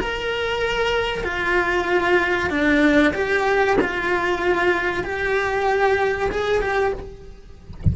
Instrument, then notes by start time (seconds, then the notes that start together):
cello
0.00 A#4
1.24 F4
2.50 D4
3.14 G4
3.81 F4
5.04 G4
6.32 G#4
6.62 G4